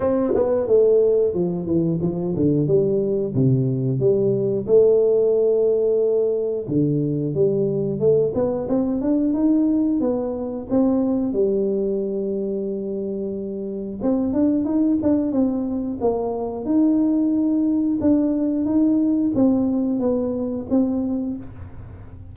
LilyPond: \new Staff \with { instrumentName = "tuba" } { \time 4/4 \tempo 4 = 90 c'8 b8 a4 f8 e8 f8 d8 | g4 c4 g4 a4~ | a2 d4 g4 | a8 b8 c'8 d'8 dis'4 b4 |
c'4 g2.~ | g4 c'8 d'8 dis'8 d'8 c'4 | ais4 dis'2 d'4 | dis'4 c'4 b4 c'4 | }